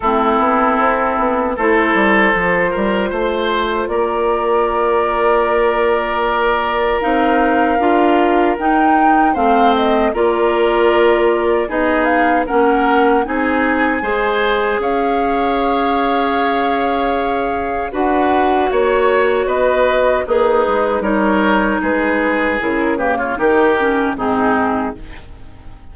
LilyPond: <<
  \new Staff \with { instrumentName = "flute" } { \time 4/4 \tempo 4 = 77 a'2 c''2~ | c''4 d''2.~ | d''4 f''2 g''4 | f''8 dis''8 d''2 dis''8 f''8 |
fis''4 gis''2 f''4~ | f''2. fis''4 | cis''4 dis''4 b'4 cis''4 | b'4 ais'8 b'16 cis''16 ais'4 gis'4 | }
  \new Staff \with { instrumentName = "oboe" } { \time 4/4 e'2 a'4. ais'8 | c''4 ais'2.~ | ais'1 | c''4 ais'2 gis'4 |
ais'4 gis'4 c''4 cis''4~ | cis''2. b'4 | cis''4 b'4 dis'4 ais'4 | gis'4. g'16 f'16 g'4 dis'4 | }
  \new Staff \with { instrumentName = "clarinet" } { \time 4/4 c'2 e'4 f'4~ | f'1~ | f'4 dis'4 f'4 dis'4 | c'4 f'2 dis'4 |
cis'4 dis'4 gis'2~ | gis'2. fis'4~ | fis'2 gis'4 dis'4~ | dis'4 e'8 ais8 dis'8 cis'8 c'4 | }
  \new Staff \with { instrumentName = "bassoon" } { \time 4/4 a8 b8 c'8 b8 a8 g8 f8 g8 | a4 ais2.~ | ais4 c'4 d'4 dis'4 | a4 ais2 b4 |
ais4 c'4 gis4 cis'4~ | cis'2. d'4 | ais4 b4 ais8 gis8 g4 | gis4 cis4 dis4 gis,4 | }
>>